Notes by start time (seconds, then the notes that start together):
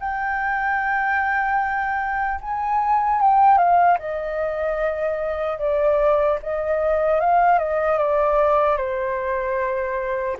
0.00 G5
2.41 G#5
3.21 G5
3.58 F5
3.99 D#5
5.59 D5
6.43 D#5
7.20 F5
7.59 D#5
7.99 D5
8.77 C5